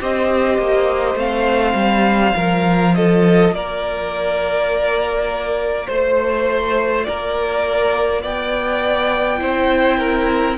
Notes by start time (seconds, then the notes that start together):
0.00 C4 G4 C5 D#5
0.58 A#3
1.15 A3 C4 F5
1.75 G3
2.34 F3 F4 A#4
2.95 A4 D#5
3.52 A#3 A#4 D5
5.87 A3 C5
7.04 A#3 A#4 D5
8.22 B3 D5 G5
9.39 C4 E4 C5
9.99 A#4